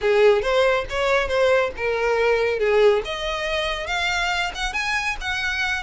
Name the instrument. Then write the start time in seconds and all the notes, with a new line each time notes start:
violin
0.01 G#4
0.41 C5
0.89 C#5
1.27 C5
1.77 A#4
2.59 G#4
3.04 D#5
3.87 F5
4.54 F#5
4.73 G#5
5.21 F#5